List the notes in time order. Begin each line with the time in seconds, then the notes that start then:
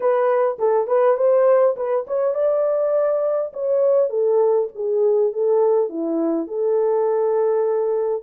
0.00 B4
0.59 A4
0.87 B4
1.17 C5
1.76 B4
2.07 C#5
2.34 D5
3.53 C#5
4.09 A4
4.75 G#4
5.32 A4
5.89 E4
6.47 A4